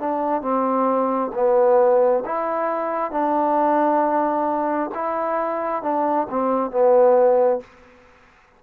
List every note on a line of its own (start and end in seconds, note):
0.00 0.42 D4
0.42 1.31 C4
1.34 2.24 B3
2.26 3.12 E4
3.12 4.91 D4
4.95 5.83 E4
5.83 6.28 D4
6.30 6.71 C4
6.71 7.60 B3